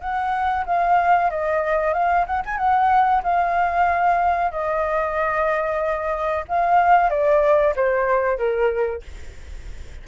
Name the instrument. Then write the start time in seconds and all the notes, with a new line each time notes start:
flute
0.00 F#5
0.65 F5
1.30 D#5
1.93 F5
2.26 F#5
2.45 G#5
2.57 F#5
3.23 F5
4.51 D#5
6.48 F5
7.09 D5
7.75 C5
8.38 A#4